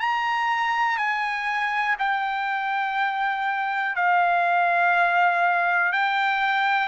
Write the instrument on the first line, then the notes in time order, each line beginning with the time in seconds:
trumpet
0.00 A#5
0.97 G#5
1.99 G5
3.96 F5
5.92 G5